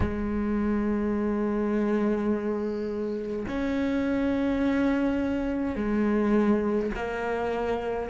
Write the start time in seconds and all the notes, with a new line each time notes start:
0.00 G#3
3.47 C#4
5.75 G#3
6.95 A#3